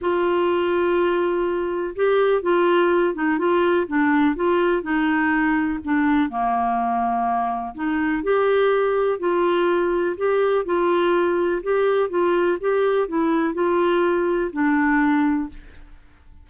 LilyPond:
\new Staff \with { instrumentName = "clarinet" } { \time 4/4 \tempo 4 = 124 f'1 | g'4 f'4. dis'8 f'4 | d'4 f'4 dis'2 | d'4 ais2. |
dis'4 g'2 f'4~ | f'4 g'4 f'2 | g'4 f'4 g'4 e'4 | f'2 d'2 | }